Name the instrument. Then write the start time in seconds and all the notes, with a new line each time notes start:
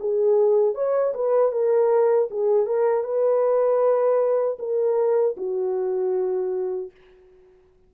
horn
0.00 G#4
0.75 C#5
1.14 B4
1.52 A#4
2.31 G#4
2.66 A#4
3.04 B4
4.59 A#4
5.37 F#4